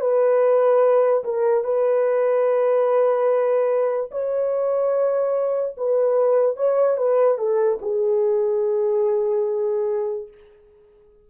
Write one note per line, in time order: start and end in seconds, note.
0.00 1.23 B4
1.24 1.63 A#4
1.63 4.10 B4
4.11 5.75 C#5
5.77 6.56 B4
6.56 6.97 C#5
6.97 7.37 B4
7.37 7.79 A4
7.81 10.28 G#4